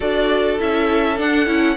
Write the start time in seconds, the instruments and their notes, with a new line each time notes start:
0.00 cello D4, viola F#4, violin A4 D5
0.58 cello C#4, viola E4, violin E5
1.16 viola D4, cello D4, violin F#5
1.46 cello C#4, viola E4